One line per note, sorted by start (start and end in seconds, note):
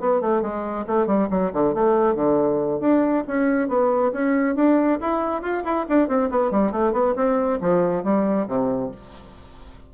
0.00 0.21 B3
0.21 0.42 A3
0.42 0.86 G#3
0.87 1.07 A3
1.07 1.29 G3
1.30 1.52 F#3
1.53 1.75 D3
1.75 2.15 A3
2.15 2.81 D3
2.81 3.24 D4
3.28 3.69 C#4
3.69 4.12 B3
4.13 4.56 C#4
4.56 4.99 D4
5.01 5.42 E4
5.42 5.64 F4
5.64 5.86 E4
5.90 6.08 D4
6.08 6.30 C4
6.30 6.52 B3
6.52 6.72 G3
6.72 6.93 A3
6.93 7.15 B3
7.16 7.60 C4
7.61 8.04 F3
8.04 8.48 G3
8.48 8.92 C3